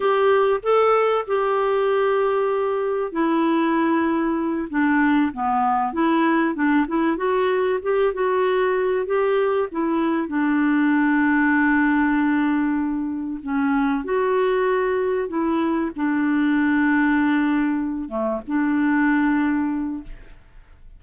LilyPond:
\new Staff \with { instrumentName = "clarinet" } { \time 4/4 \tempo 4 = 96 g'4 a'4 g'2~ | g'4 e'2~ e'8 d'8~ | d'8 b4 e'4 d'8 e'8 fis'8~ | fis'8 g'8 fis'4. g'4 e'8~ |
e'8 d'2.~ d'8~ | d'4. cis'4 fis'4.~ | fis'8 e'4 d'2~ d'8~ | d'4 a8 d'2~ d'8 | }